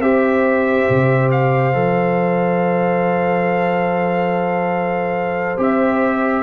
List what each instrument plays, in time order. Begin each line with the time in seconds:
0.00 tuba C4, trombone G4, horn C5, trumpet E5
0.90 tuba C3
1.31 trumpet F5
1.74 tuba F3, trombone A4
5.58 tuba C4, trombone G4, trumpet E5